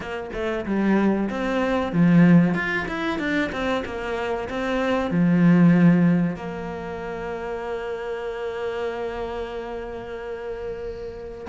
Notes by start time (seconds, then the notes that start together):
0.00 A#3
0.33 A3
0.65 G3
1.29 C4
1.92 F3
2.54 F4
2.88 E4
3.19 D4
3.51 C4
3.85 A#3
4.49 C4
5.10 F3
6.36 A#3